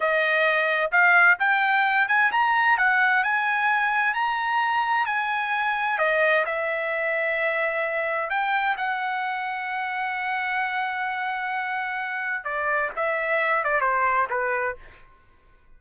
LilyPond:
\new Staff \with { instrumentName = "trumpet" } { \time 4/4 \tempo 4 = 130 dis''2 f''4 g''4~ | g''8 gis''8 ais''4 fis''4 gis''4~ | gis''4 ais''2 gis''4~ | gis''4 dis''4 e''2~ |
e''2 g''4 fis''4~ | fis''1~ | fis''2. d''4 | e''4. d''8 c''4 b'4 | }